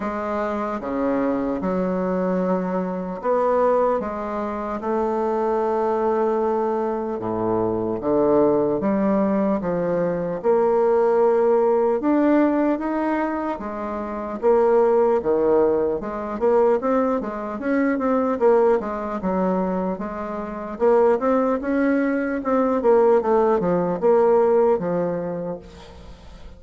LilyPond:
\new Staff \with { instrumentName = "bassoon" } { \time 4/4 \tempo 4 = 75 gis4 cis4 fis2 | b4 gis4 a2~ | a4 a,4 d4 g4 | f4 ais2 d'4 |
dis'4 gis4 ais4 dis4 | gis8 ais8 c'8 gis8 cis'8 c'8 ais8 gis8 | fis4 gis4 ais8 c'8 cis'4 | c'8 ais8 a8 f8 ais4 f4 | }